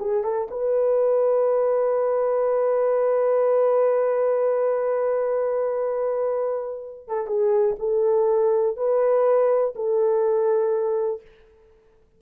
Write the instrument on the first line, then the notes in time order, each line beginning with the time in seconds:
horn
0.00 G#4
0.24 A4
0.51 B4
7.08 A4
7.27 G#4
7.79 A4
8.77 B4
9.76 A4